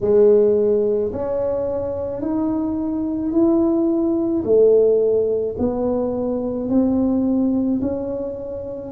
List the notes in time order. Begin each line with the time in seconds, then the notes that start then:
0.01 G#3
1.12 C#4
2.21 D#4
3.32 E4
4.44 A3
5.58 B3
6.69 C4
7.81 C#4